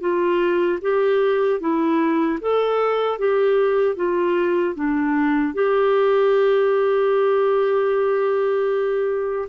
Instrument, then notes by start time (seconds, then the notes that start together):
clarinet
0.00 F4
0.81 G4
1.60 E4
2.40 A4
3.19 G4
3.96 F4
4.75 D4
5.54 G4